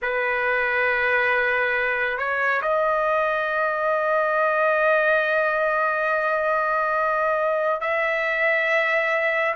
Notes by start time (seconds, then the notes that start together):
0.02 B4
2.17 C#5
2.61 D#5
7.81 E5